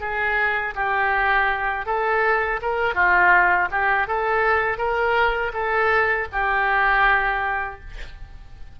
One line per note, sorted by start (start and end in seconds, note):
0.00 0.74 G#4
0.75 1.86 G4
1.86 2.60 A4
2.62 2.94 A#4
2.94 3.68 F4
3.71 4.07 G4
4.07 4.77 A4
4.77 5.52 A#4
5.53 6.27 A4
6.32 7.80 G4